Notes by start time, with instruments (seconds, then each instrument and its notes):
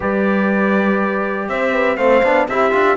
0.00 cello G3, trombone G4, horn B4, trumpet D5
1.48 cello C4, horn C5, trumpet E5
1.72 horn B4
1.97 cello A3, trombone C4, horn C5, trumpet F5
2.23 cello B3, trombone D4
2.48 cello C4, trombone E4, horn G4, trumpet E5
2.71 cello D4, trombone F4